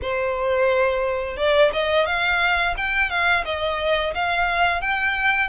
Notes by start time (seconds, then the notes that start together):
0.02 C5
1.36 D5
1.72 D#5
2.06 F5
2.77 G5
3.10 F5
3.45 D#5
4.14 F5
4.81 G5